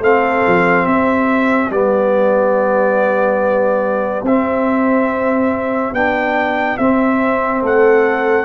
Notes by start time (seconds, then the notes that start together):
0.00 A3 C4 A4 F5
0.47 F3
0.86 C4 G4 E5
1.70 G3 B3 D5
4.22 C4 E5
5.92 B3 D4 G5
6.77 C4 E5
7.62 A3 A4 F#5